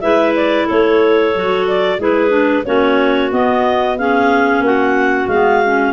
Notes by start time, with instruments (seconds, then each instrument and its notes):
0.00 tuba G#3, clarinet E4 B4 E5
0.35 clarinet D5
0.66 tuba A3, clarinet A4 C#5
1.35 tuba F#3, clarinet F#4
1.68 clarinet D5
1.98 tuba G#3, clarinet E4 G#4 B4
2.29 clarinet D4
2.65 tuba A#3, clarinet C#4 F#4 C#5
3.31 clarinet B3 D#5, tuba B3
3.98 clarinet C#4 G#4 F5
4.60 tuba A#3, clarinet F#4 F#5
5.27 tuba G#3, clarinet B3 F5
5.65 clarinet C#4